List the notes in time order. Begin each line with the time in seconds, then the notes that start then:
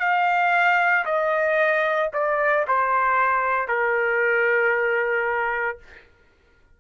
0.00 F5
1.05 D#5
2.13 D5
2.67 C5
3.68 A#4